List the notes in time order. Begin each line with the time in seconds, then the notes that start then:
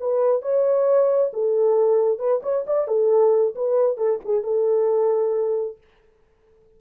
0.00 B4
0.42 C#5
1.33 A4
2.19 B4
2.43 C#5
2.67 D5
2.88 A4
3.55 B4
3.97 A4
4.25 G#4
4.43 A4